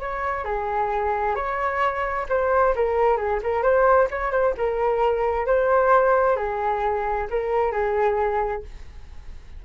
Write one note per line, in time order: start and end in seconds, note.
0.00 0.45 C#5
0.45 1.36 G#4
1.36 2.27 C#5
2.29 2.75 C5
2.76 3.17 A#4
3.17 3.40 G#4
3.43 3.63 A#4
3.63 4.08 C5
4.11 4.32 C#5
4.32 4.55 C5
4.57 5.47 A#4
5.47 6.37 C5
6.37 7.28 G#4
7.30 7.72 A#4
7.72 8.63 G#4